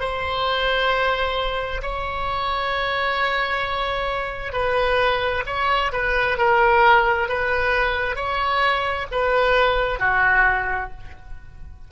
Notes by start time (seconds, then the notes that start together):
0.00 C5
1.83 C#5
4.53 B4
5.47 C#5
5.93 B4
6.38 A#4
7.29 B4
8.16 C#5
9.12 B4
10.00 F#4